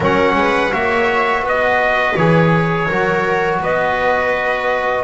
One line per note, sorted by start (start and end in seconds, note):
0.00 0.35 F#3
0.00 0.70 C#4
0.00 0.36 A#4
0.00 0.73 F#5
0.35 0.71 G#3
0.35 0.73 B4
0.70 1.42 A#3
0.70 2.15 F#4
0.70 1.42 C#5
0.70 1.46 E5
1.42 2.14 B3
1.42 2.87 B4
1.42 2.16 D#5
2.16 2.89 E3
2.16 2.90 G#4
2.16 3.61 C#5
2.87 3.60 F#3
2.87 5.03 F#4
2.87 3.60 A#4
3.60 5.03 B3
3.60 5.03 B4
3.60 5.03 D#5